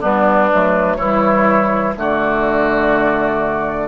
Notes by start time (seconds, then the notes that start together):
0.00 G3 B3 D4 B4
0.52 F#3 A3
0.96 E3 G3 E4 C#5
1.96 D3 A3 F#4 D5